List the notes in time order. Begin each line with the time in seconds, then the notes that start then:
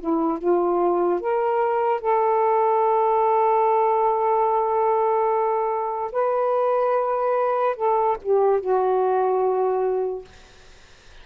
0.00 E4
0.38 F4
1.20 A#4
2.01 A4
6.12 B4
7.76 A4
8.22 G4
8.60 F#4